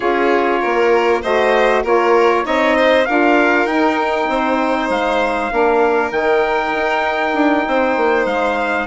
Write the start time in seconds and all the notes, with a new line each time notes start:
0.00 C#4 F4 G#4 C#5
0.60 A#3 A#4
1.21 A3 F#4 C5 D#5
1.83 A#3 F4 A#4 C#5
2.43 C4 D#4 C#5 D#5
2.76 C5
3.05 D4 F4 A#4 F5
3.66 D#4 G5
4.28 C4 C5
4.89 G#3 F5
5.50 A#3 D4 A#4
6.11 D#3 D#4 G5
6.74 D#4
7.34 D4
7.67 C4 C5
7.96 A#3
8.25 G#3 F5